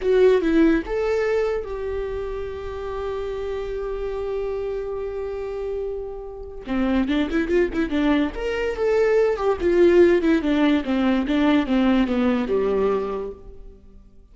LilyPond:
\new Staff \with { instrumentName = "viola" } { \time 4/4 \tempo 4 = 144 fis'4 e'4 a'2 | g'1~ | g'1~ | g'1 |
c'4 d'8 e'8 f'8 e'8 d'4 | ais'4 a'4. g'8 f'4~ | f'8 e'8 d'4 c'4 d'4 | c'4 b4 g2 | }